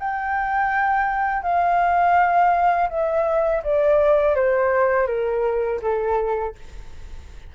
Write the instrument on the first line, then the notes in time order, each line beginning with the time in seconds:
flute
0.00 G5
1.43 F5
2.90 E5
3.64 D5
4.36 C5
5.07 A#4
5.82 A4